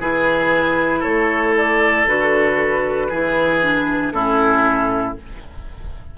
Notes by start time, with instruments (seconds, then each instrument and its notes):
0.00 bassoon E3, clarinet E4, oboe G#4, flute B4
1.00 bassoon A3, oboe A4, flute C#5
1.57 flute D5
2.07 bassoon D3, clarinet F#4, flute B4
3.09 bassoon E3, clarinet E4, oboe G#4
3.62 clarinet D4
4.12 bassoon A2, clarinet C#4, oboe E4, flute A4